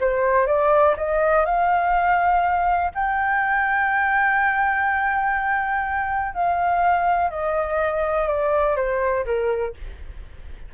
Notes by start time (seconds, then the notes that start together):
0.00 C5
0.47 D5
0.97 D#5
1.45 F5
2.94 G5
6.34 F5
7.31 D#5
8.27 D5
8.76 C5
9.25 A#4